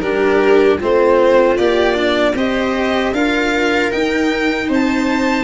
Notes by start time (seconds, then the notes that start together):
0.00 G3 D4 G4 A#4
0.78 A3 C4 F4 C5
1.57 A#3 G4 D5
1.94 D4
2.34 C4 G4 C5 D#5
3.12 D4 F4 A#4 F5
3.91 D#4 G5
4.68 C4 C5
4.74 A5